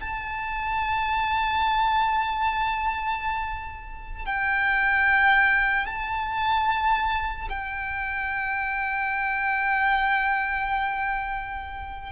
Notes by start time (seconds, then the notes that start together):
0.00 A5
4.26 G5
5.86 A5
7.50 G5